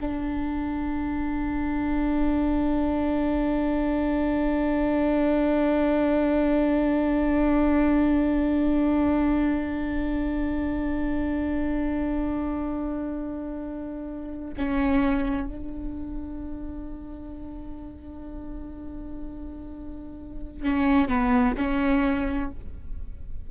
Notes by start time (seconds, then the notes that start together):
0.00 D4
14.57 C#4
15.47 D4
20.62 C#4
21.08 B3
21.57 C#4